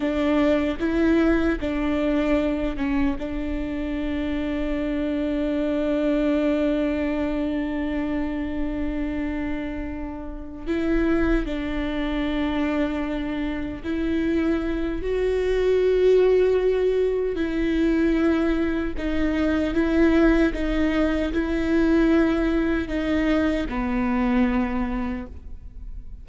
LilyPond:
\new Staff \with { instrumentName = "viola" } { \time 4/4 \tempo 4 = 76 d'4 e'4 d'4. cis'8 | d'1~ | d'1~ | d'4. e'4 d'4.~ |
d'4. e'4. fis'4~ | fis'2 e'2 | dis'4 e'4 dis'4 e'4~ | e'4 dis'4 b2 | }